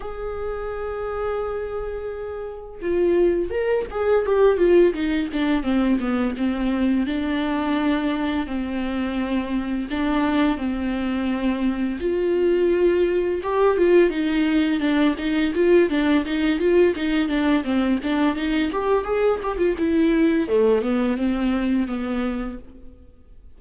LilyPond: \new Staff \with { instrumentName = "viola" } { \time 4/4 \tempo 4 = 85 gis'1 | f'4 ais'8 gis'8 g'8 f'8 dis'8 d'8 | c'8 b8 c'4 d'2 | c'2 d'4 c'4~ |
c'4 f'2 g'8 f'8 | dis'4 d'8 dis'8 f'8 d'8 dis'8 f'8 | dis'8 d'8 c'8 d'8 dis'8 g'8 gis'8 g'16 f'16 | e'4 a8 b8 c'4 b4 | }